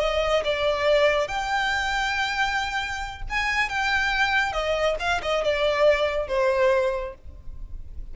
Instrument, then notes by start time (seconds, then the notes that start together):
violin
0.00 D#5
0.45 D5
1.28 G5
3.30 G#5
3.69 G5
4.53 D#5
4.99 F5
5.22 D#5
5.44 D5
6.28 C5